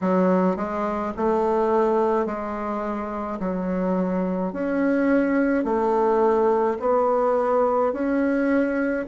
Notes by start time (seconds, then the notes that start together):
0.01 F#3
0.56 G#3
1.16 A3
2.26 G#3
3.39 F#3
4.53 C#4
5.64 A3
6.79 B3
7.92 C#4